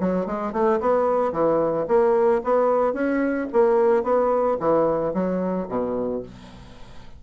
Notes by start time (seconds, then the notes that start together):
0.00 F#3
0.27 G#3
0.53 A3
0.81 B3
1.33 E3
1.88 A#3
2.44 B3
2.94 C#4
3.53 A#3
4.04 B3
4.60 E3
5.14 F#3
5.69 B2